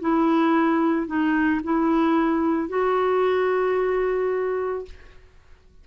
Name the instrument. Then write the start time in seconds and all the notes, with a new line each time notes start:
clarinet
0.00 E4
1.06 D#4
1.63 E4
2.69 F#4